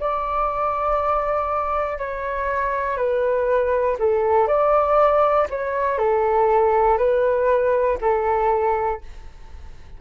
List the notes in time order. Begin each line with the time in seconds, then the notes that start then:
0.00 D5
1.98 C#5
2.97 B4
3.99 A4
4.47 D5
5.50 C#5
5.98 A4
6.97 B4
8.01 A4